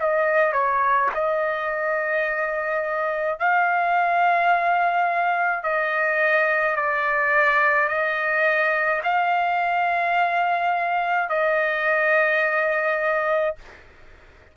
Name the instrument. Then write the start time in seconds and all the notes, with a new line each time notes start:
trumpet
0.00 D#5
0.54 C#5
1.15 D#5
3.40 F5
5.63 D#5
6.76 D5
7.89 D#5
9.04 F5
11.30 D#5